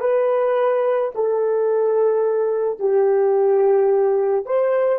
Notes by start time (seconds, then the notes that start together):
0.00 B4
1.14 A4
2.79 G4
4.45 C5